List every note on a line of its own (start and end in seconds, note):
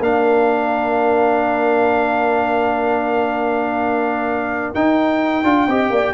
0.00 4.72 A#3
0.00 4.75 D4
0.00 5.68 A#4
0.00 4.75 F5
4.75 5.45 D#4
4.75 5.44 D#4
4.75 6.14 G5
5.44 5.68 D4
5.44 5.68 F4
5.68 5.90 C4
5.68 6.14 G4
5.68 5.92 D#5
5.90 6.14 A#3
5.90 6.14 D5